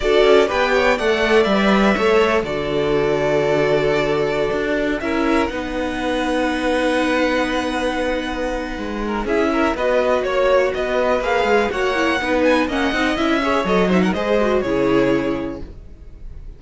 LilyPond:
<<
  \new Staff \with { instrumentName = "violin" } { \time 4/4 \tempo 4 = 123 d''4 g''4 fis''4 e''4~ | e''4 d''2.~ | d''2~ d''16 e''4 fis''8.~ | fis''1~ |
fis''2. e''4 | dis''4 cis''4 dis''4 f''4 | fis''4. gis''8 fis''4 e''4 | dis''8 e''16 fis''16 dis''4 cis''2 | }
  \new Staff \with { instrumentName = "violin" } { \time 4/4 a'4 b'8 cis''8 d''2 | cis''4 a'2.~ | a'2~ a'16 ais'4 b'8.~ | b'1~ |
b'2~ b'8 ais'8 gis'8 ais'8 | b'4 cis''4 b'2 | cis''4 b'4 dis''4. cis''8~ | cis''8 c''16 ais'16 c''4 gis'2 | }
  \new Staff \with { instrumentName = "viola" } { \time 4/4 fis'4 g'4 a'4 b'4 | a'4 fis'2.~ | fis'2~ fis'16 e'4 dis'8.~ | dis'1~ |
dis'2. e'4 | fis'2. gis'4 | fis'8 e'8 dis'4 cis'8 dis'8 e'8 gis'8 | a'8 dis'8 gis'8 fis'8 e'2 | }
  \new Staff \with { instrumentName = "cello" } { \time 4/4 d'8 cis'8 b4 a4 g4 | a4 d2.~ | d4~ d16 d'4 cis'4 b8.~ | b1~ |
b2 gis4 cis'4 | b4 ais4 b4 ais8 gis8 | ais4 b4 ais8 c'8 cis'4 | fis4 gis4 cis2 | }
>>